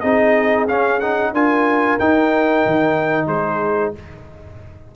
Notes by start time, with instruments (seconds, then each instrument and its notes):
0.00 tuba C4, trombone D#4, horn G#4, trumpet D#5
0.68 trombone C#4, tuba C#4, trumpet F5
0.99 trombone D#4, trumpet F#5
1.32 tuba D4, trombone F4, horn A#4, trumpet G#5
1.99 tuba D#4, trombone D#4, trumpet G5
2.66 tuba D#3
3.26 tuba G#3, horn G#4, trumpet C5